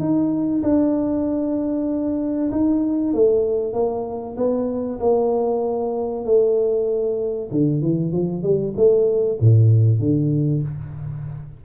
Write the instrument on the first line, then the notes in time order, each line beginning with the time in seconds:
tuba
0.00 D#4
0.63 D4
2.52 D#4
3.14 A3
3.74 A#3
4.37 B3
5.00 A#3
6.25 A3
7.51 D3
7.82 E3
8.12 F3
8.43 G3
8.77 A3
9.41 A2
10.00 D3